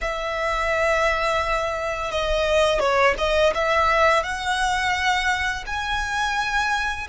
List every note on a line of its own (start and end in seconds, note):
0.01 2.11 E5
2.11 2.79 D#5
2.79 3.14 C#5
3.18 3.53 D#5
3.54 4.23 E5
4.23 5.64 F#5
5.66 7.07 G#5